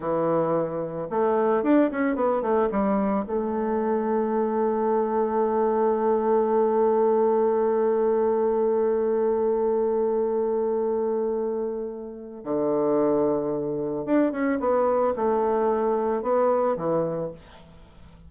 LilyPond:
\new Staff \with { instrumentName = "bassoon" } { \time 4/4 \tempo 4 = 111 e2 a4 d'8 cis'8 | b8 a8 g4 a2~ | a1~ | a1~ |
a1~ | a2. d4~ | d2 d'8 cis'8 b4 | a2 b4 e4 | }